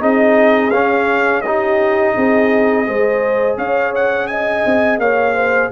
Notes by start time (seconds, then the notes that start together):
0.00 C4 D#4 G#4 D#5
0.71 C#4 F5
1.42 D#4 G4 D#5
2.15 C4 G#4
2.86 G#3 G#4 C5
3.57 C#4 C#5 F5
3.95 F#5
4.27 D#5 G#5
4.65 C4
4.98 A#3 C#5 F5
5.34 C5